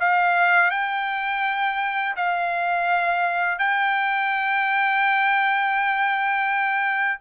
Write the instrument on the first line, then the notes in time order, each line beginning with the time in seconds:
trumpet
0.00 F5
0.71 G5
2.17 F5
3.59 G5